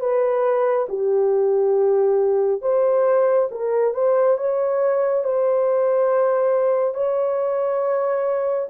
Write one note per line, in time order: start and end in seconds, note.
0.00 0.87 B4
0.89 2.62 G4
2.62 3.49 C5
3.51 3.94 A#4
3.94 4.38 C5
4.38 5.24 C#5
5.24 6.94 C5
6.94 8.68 C#5